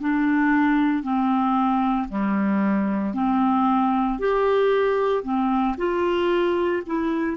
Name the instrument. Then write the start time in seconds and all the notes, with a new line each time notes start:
clarinet
0.00 D4
1.03 C4
2.09 G3
3.14 C4
4.19 G4
5.23 C4
5.78 F4
6.86 E4